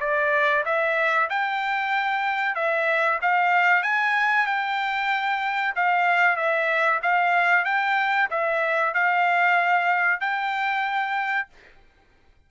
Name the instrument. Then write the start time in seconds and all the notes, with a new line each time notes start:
trumpet
0.00 D5
0.65 E5
1.29 G5
2.55 E5
3.22 F5
3.83 G#5
4.47 G5
5.76 F5
6.36 E5
7.02 F5
7.65 G5
8.30 E5
8.94 F5
10.20 G5